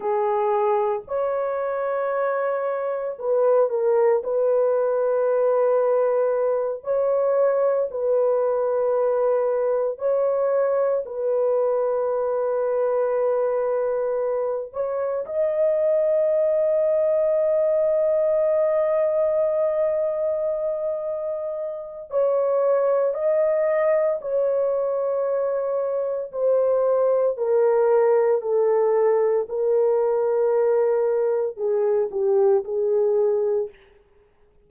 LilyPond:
\new Staff \with { instrumentName = "horn" } { \time 4/4 \tempo 4 = 57 gis'4 cis''2 b'8 ais'8 | b'2~ b'8 cis''4 b'8~ | b'4. cis''4 b'4.~ | b'2 cis''8 dis''4.~ |
dis''1~ | dis''4 cis''4 dis''4 cis''4~ | cis''4 c''4 ais'4 a'4 | ais'2 gis'8 g'8 gis'4 | }